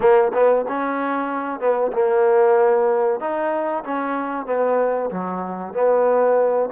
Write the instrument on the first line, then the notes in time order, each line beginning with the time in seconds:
trombone
0.00 A#3
0.33 B3
0.68 C#4
1.60 B3
1.92 A#3
3.19 D#4
3.84 C#4
4.46 B3
5.10 F#3
5.73 B3